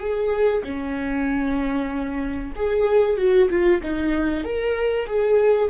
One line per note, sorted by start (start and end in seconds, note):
0.00 0.63 G#4
0.64 2.54 C#4
2.56 3.18 G#4
3.18 3.49 F#4
3.51 3.82 F4
3.83 4.44 D#4
4.44 5.07 A#4
5.07 5.70 G#4